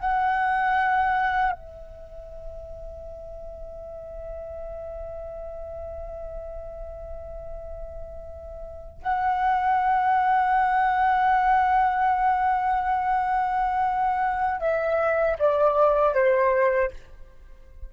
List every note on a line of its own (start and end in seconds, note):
0.00 1.52 F#5
1.52 9.02 E5
9.02 14.60 F#5
14.60 15.37 E5
15.39 16.14 D5
16.14 16.91 C5